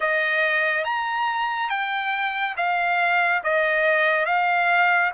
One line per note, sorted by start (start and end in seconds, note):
0.00 0.84 D#5
0.84 1.69 A#5
1.69 2.55 G5
2.56 3.42 F5
3.43 4.25 D#5
4.25 5.11 F5